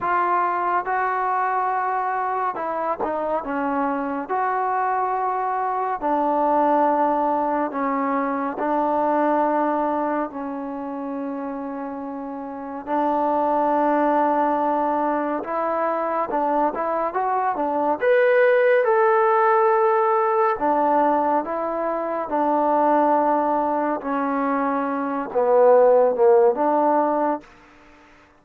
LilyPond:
\new Staff \with { instrumentName = "trombone" } { \time 4/4 \tempo 4 = 70 f'4 fis'2 e'8 dis'8 | cis'4 fis'2 d'4~ | d'4 cis'4 d'2 | cis'2. d'4~ |
d'2 e'4 d'8 e'8 | fis'8 d'8 b'4 a'2 | d'4 e'4 d'2 | cis'4. b4 ais8 d'4 | }